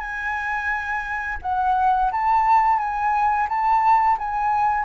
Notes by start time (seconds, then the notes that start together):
0.00 G#5
1.42 F#5
2.12 A5
2.79 G#5
3.49 A5
4.18 G#5